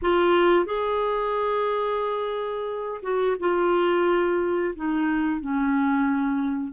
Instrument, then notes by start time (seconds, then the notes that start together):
clarinet
0.02 F4
0.65 G#4
3.02 F#4
3.39 F4
4.75 D#4
5.41 C#4